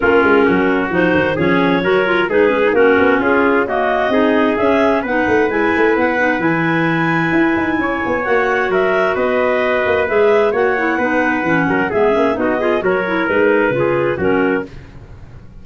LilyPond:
<<
  \new Staff \with { instrumentName = "clarinet" } { \time 4/4 \tempo 4 = 131 ais'2 c''4 cis''4~ | cis''4 b'4 ais'4 gis'4 | dis''2 e''4 fis''4 | gis''4 fis''4 gis''2~ |
gis''2 fis''4 e''4 | dis''2 e''4 fis''4~ | fis''2 e''4 dis''4 | cis''4 b'2 ais'4 | }
  \new Staff \with { instrumentName = "trumpet" } { \time 4/4 f'4 fis'2 gis'4 | ais'4 gis'4 fis'4 f'4 | fis'4 gis'2 b'4~ | b'1~ |
b'4 cis''2 ais'4 | b'2. cis''4 | b'4. ais'8 gis'4 fis'8 gis'8 | ais'2 gis'4 fis'4 | }
  \new Staff \with { instrumentName = "clarinet" } { \time 4/4 cis'2 dis'4 cis'4 | fis'8 f'8 dis'8 cis'16 dis'16 cis'2 | ais4 dis'4 cis'4 dis'4 | e'4. dis'8 e'2~ |
e'2 fis'2~ | fis'2 gis'4 fis'8 e'8 | dis'4 cis'4 b8 cis'8 dis'8 f'8 | fis'8 e'8 dis'4 f'4 cis'4 | }
  \new Staff \with { instrumentName = "tuba" } { \time 4/4 ais8 gis8 fis4 f8 dis8 f4 | fis4 gis4 ais8 b8 cis'4~ | cis'4 c'4 cis'4 b8 a8 | gis8 a8 b4 e2 |
e'8 dis'8 cis'8 b8 ais4 fis4 | b4. ais8 gis4 ais4 | b4 e8 fis8 gis8 ais8 b4 | fis4 gis4 cis4 fis4 | }
>>